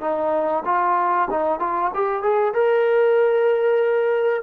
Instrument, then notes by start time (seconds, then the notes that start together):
trombone
0.00 D#4
0.65 F4
1.30 D#4
1.59 F4
1.94 G4
2.22 G#4
2.54 A#4